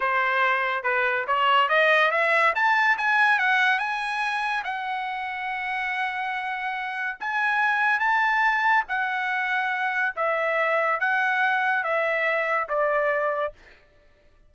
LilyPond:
\new Staff \with { instrumentName = "trumpet" } { \time 4/4 \tempo 4 = 142 c''2 b'4 cis''4 | dis''4 e''4 a''4 gis''4 | fis''4 gis''2 fis''4~ | fis''1~ |
fis''4 gis''2 a''4~ | a''4 fis''2. | e''2 fis''2 | e''2 d''2 | }